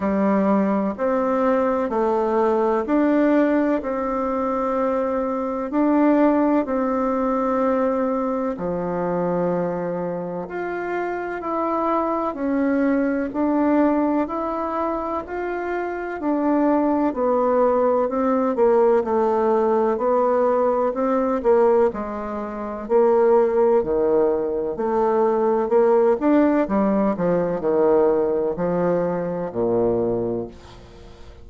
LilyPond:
\new Staff \with { instrumentName = "bassoon" } { \time 4/4 \tempo 4 = 63 g4 c'4 a4 d'4 | c'2 d'4 c'4~ | c'4 f2 f'4 | e'4 cis'4 d'4 e'4 |
f'4 d'4 b4 c'8 ais8 | a4 b4 c'8 ais8 gis4 | ais4 dis4 a4 ais8 d'8 | g8 f8 dis4 f4 ais,4 | }